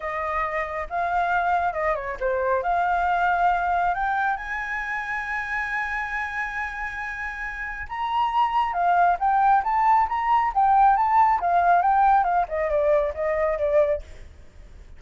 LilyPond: \new Staff \with { instrumentName = "flute" } { \time 4/4 \tempo 4 = 137 dis''2 f''2 | dis''8 cis''8 c''4 f''2~ | f''4 g''4 gis''2~ | gis''1~ |
gis''2 ais''2 | f''4 g''4 a''4 ais''4 | g''4 a''4 f''4 g''4 | f''8 dis''8 d''4 dis''4 d''4 | }